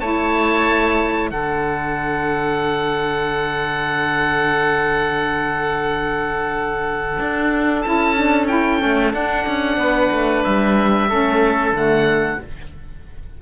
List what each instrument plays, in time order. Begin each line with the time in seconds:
0.00 cello A3, saxophone E4, oboe C#5 A5
1.31 cello D3, saxophone D4, oboe A4 F#5
7.20 cello D4
7.82 cello C#4, saxophone E4, oboe A5
8.17 saxophone D4
8.48 saxophone E4, oboe G5
8.79 cello A3, saxophone C#4
9.13 saxophone D4, cello D4, oboe F#5
9.47 cello C#4
9.78 cello B3, oboe B4
10.11 cello A3
10.44 cello G3, oboe E5
11.09 cello A3, saxophone C#4, oboe A4
11.72 cello D3, saxophone A3, oboe F#5